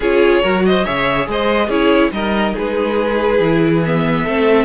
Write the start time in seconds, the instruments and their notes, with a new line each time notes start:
0.00 cello C#4, viola F4, violin G#4 C#5
0.42 cello F#3, viola F#4, violin A#4
0.65 violin C5 D#5
0.84 cello C#3, viola G#4, violin C#5 E5
1.27 cello G#3, violin C5 D#5
1.66 cello C#4, viola E4, violin G#4 C#5
2.11 cello G3, viola D#4, violin A#4 D#5
2.54 cello G#3, violin G#4 B4
3.39 cello E3, viola E4
3.84 viola B3, violin E5
4.23 cello A3, viola C4, violin A4